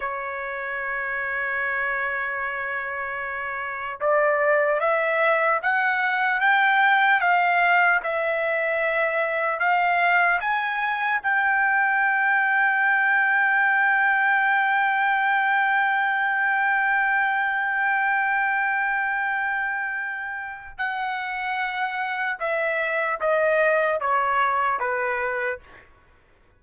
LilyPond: \new Staff \with { instrumentName = "trumpet" } { \time 4/4 \tempo 4 = 75 cis''1~ | cis''4 d''4 e''4 fis''4 | g''4 f''4 e''2 | f''4 gis''4 g''2~ |
g''1~ | g''1~ | g''2 fis''2 | e''4 dis''4 cis''4 b'4 | }